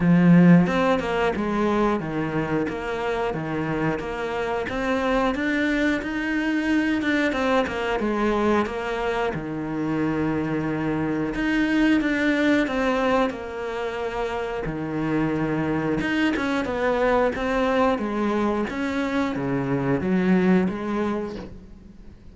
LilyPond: \new Staff \with { instrumentName = "cello" } { \time 4/4 \tempo 4 = 90 f4 c'8 ais8 gis4 dis4 | ais4 dis4 ais4 c'4 | d'4 dis'4. d'8 c'8 ais8 | gis4 ais4 dis2~ |
dis4 dis'4 d'4 c'4 | ais2 dis2 | dis'8 cis'8 b4 c'4 gis4 | cis'4 cis4 fis4 gis4 | }